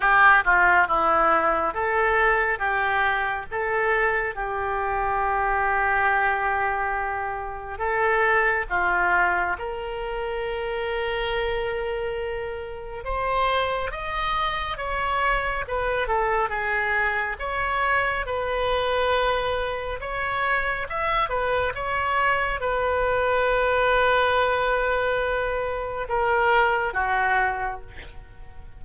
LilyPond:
\new Staff \with { instrumentName = "oboe" } { \time 4/4 \tempo 4 = 69 g'8 f'8 e'4 a'4 g'4 | a'4 g'2.~ | g'4 a'4 f'4 ais'4~ | ais'2. c''4 |
dis''4 cis''4 b'8 a'8 gis'4 | cis''4 b'2 cis''4 | e''8 b'8 cis''4 b'2~ | b'2 ais'4 fis'4 | }